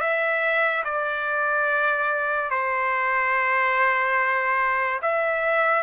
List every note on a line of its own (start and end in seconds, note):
0.00 0.83 E5
0.84 2.50 D5
2.50 5.00 C5
5.02 5.83 E5